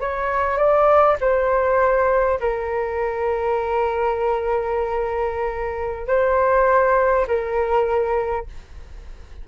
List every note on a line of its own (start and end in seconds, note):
0.00 0.57 C#5
0.57 1.16 D5
1.20 2.39 C5
2.39 6.07 A#4
6.07 7.26 C5
7.27 8.46 A#4